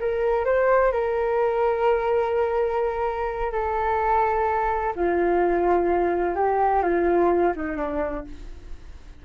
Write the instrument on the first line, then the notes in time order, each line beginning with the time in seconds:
flute
0.00 A#4
0.45 C5
0.92 A#4
3.52 A4
4.95 F4
6.36 G4
6.83 F4
7.56 D#4
7.77 D4